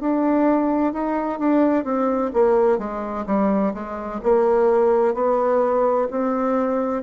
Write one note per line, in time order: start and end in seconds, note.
0.00 0.93 D4
0.93 1.38 D#4
1.38 1.84 D4
1.84 2.31 C4
2.34 2.78 A#3
2.78 3.25 G#3
3.26 3.73 G3
3.74 4.21 G#3
4.23 5.14 A#3
5.14 6.08 B3
6.10 7.02 C4